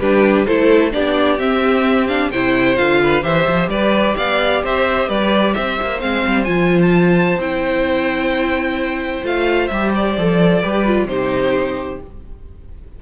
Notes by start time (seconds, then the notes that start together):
0.00 G3 D4 G4 B4
0.46 A3 E4 A4 C5
0.92 B3 D4 G4 D5
1.39 C4 E5
2.08 D4 F5
2.31 C3 E4 C5 G5
2.77 D3 F4 F5
3.04 B4
3.22 E3 G4 C5 E5
3.48 F3
3.69 G3 B4 D5
4.17 B3 D5 F5
4.63 C4 C5 E5
5.09 G3 B4 D5
5.54 C4 C5 E5
5.82 A#3
6.00 G#3 C4 F5
6.26 G3
6.45 F3 F4 G#5
6.82 A5
7.37 C4 E4 G5
9.24 A3 F4 F5
9.68 G3 G4 E5
9.96 D5
10.18 F3 A4
10.62 G3 G4 B4
10.86 F4
11.05 C3 D#4 G4 C5